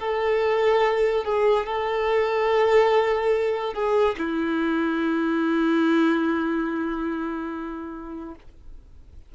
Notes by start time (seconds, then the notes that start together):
0.00 A4
1.25 G#4
1.67 A4
3.74 G#4
4.19 E4